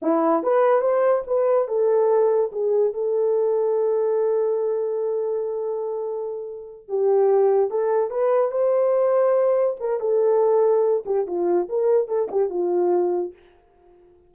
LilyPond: \new Staff \with { instrumentName = "horn" } { \time 4/4 \tempo 4 = 144 e'4 b'4 c''4 b'4 | a'2 gis'4 a'4~ | a'1~ | a'1~ |
a'8 g'2 a'4 b'8~ | b'8 c''2. ais'8 | a'2~ a'8 g'8 f'4 | ais'4 a'8 g'8 f'2 | }